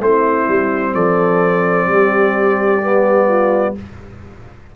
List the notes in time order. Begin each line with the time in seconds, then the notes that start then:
0.00 A3 C4 E4 C5
0.48 G3
0.94 F3 A4 D5
1.87 G3 G4
2.81 B3
3.28 F4